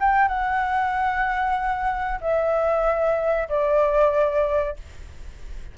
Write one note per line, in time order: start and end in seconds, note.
0.00 0.28 G5
0.28 2.20 F#5
2.21 3.48 E5
3.49 4.76 D5